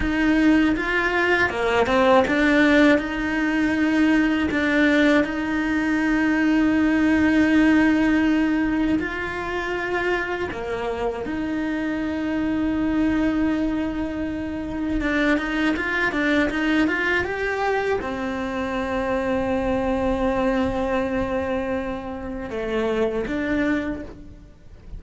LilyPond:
\new Staff \with { instrumentName = "cello" } { \time 4/4 \tempo 4 = 80 dis'4 f'4 ais8 c'8 d'4 | dis'2 d'4 dis'4~ | dis'1 | f'2 ais4 dis'4~ |
dis'1 | d'8 dis'8 f'8 d'8 dis'8 f'8 g'4 | c'1~ | c'2 a4 d'4 | }